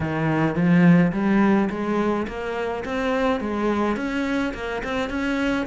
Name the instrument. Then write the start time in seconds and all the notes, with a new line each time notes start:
cello
0.00 D#3
0.55 F3
1.12 G3
1.70 G#3
2.27 A#3
2.85 C4
3.40 G#3
3.96 C#4
4.54 A#3
4.83 C4
5.09 C#4